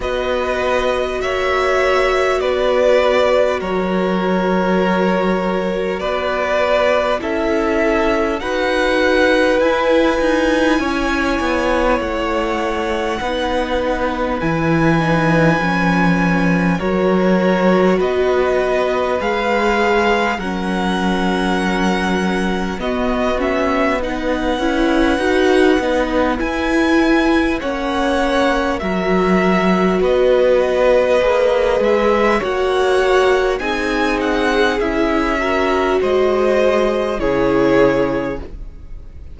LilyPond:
<<
  \new Staff \with { instrumentName = "violin" } { \time 4/4 \tempo 4 = 50 dis''4 e''4 d''4 cis''4~ | cis''4 d''4 e''4 fis''4 | gis''2 fis''2 | gis''2 cis''4 dis''4 |
f''4 fis''2 dis''8 e''8 | fis''2 gis''4 fis''4 | e''4 dis''4. e''8 fis''4 | gis''8 fis''8 e''4 dis''4 cis''4 | }
  \new Staff \with { instrumentName = "violin" } { \time 4/4 b'4 cis''4 b'4 ais'4~ | ais'4 b'4 a'4 b'4~ | b'4 cis''2 b'4~ | b'2 ais'4 b'4~ |
b'4 ais'2 fis'4 | b'2. cis''4 | ais'4 b'2 cis''4 | gis'4. ais'8 c''4 gis'4 | }
  \new Staff \with { instrumentName = "viola" } { \time 4/4 fis'1~ | fis'2 e'4 fis'4 | e'2. dis'4 | e'8 dis'8 cis'4 fis'2 |
gis'4 cis'2 b8 cis'8 | dis'8 e'8 fis'8 dis'8 e'4 cis'4 | fis'2 gis'4 fis'4 | dis'4 e'8 fis'4. e'4 | }
  \new Staff \with { instrumentName = "cello" } { \time 4/4 b4 ais4 b4 fis4~ | fis4 b4 cis'4 dis'4 | e'8 dis'8 cis'8 b8 a4 b4 | e4 f4 fis4 b4 |
gis4 fis2 b4~ | b8 cis'8 dis'8 b8 e'4 ais4 | fis4 b4 ais8 gis8 ais4 | c'4 cis'4 gis4 cis4 | }
>>